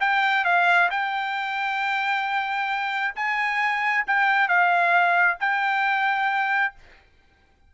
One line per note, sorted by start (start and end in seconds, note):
0.00 0.45 G5
0.45 0.89 F5
0.91 3.14 G5
3.15 4.05 G#5
4.07 4.48 G5
4.48 5.38 F5
5.40 6.74 G5